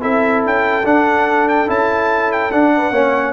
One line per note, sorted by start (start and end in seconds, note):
0.00 0.45 C4
0.00 0.83 E4
0.00 2.72 A4
0.00 0.43 E5
0.45 0.84 C#4
0.45 0.86 G5
0.84 1.68 D4
0.84 1.67 D4
0.84 1.48 F#5
1.48 1.69 G5
1.67 2.52 C#4
1.67 2.50 E4
1.67 2.32 A5
2.32 2.51 G5
2.51 2.91 D4
2.51 2.93 D4
2.51 3.33 F#5
2.77 2.92 B4
2.91 3.32 A#3
2.91 3.33 C#4
2.91 3.33 C#5